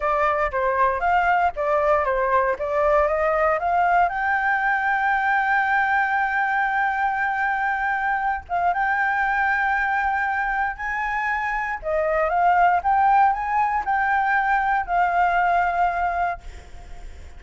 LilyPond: \new Staff \with { instrumentName = "flute" } { \time 4/4 \tempo 4 = 117 d''4 c''4 f''4 d''4 | c''4 d''4 dis''4 f''4 | g''1~ | g''1~ |
g''8 f''8 g''2.~ | g''4 gis''2 dis''4 | f''4 g''4 gis''4 g''4~ | g''4 f''2. | }